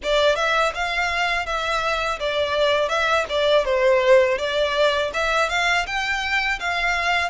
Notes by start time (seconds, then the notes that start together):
0.03 D5
0.35 E5
0.74 F5
1.46 E5
2.19 D5
2.88 E5
3.29 D5
3.65 C5
4.37 D5
5.13 E5
5.49 F5
5.86 G5
6.59 F5